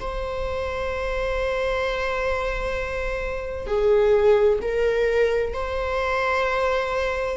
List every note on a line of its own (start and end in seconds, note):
0.00 3.67 C5
3.67 4.59 G#4
4.62 5.54 A#4
5.54 7.38 C5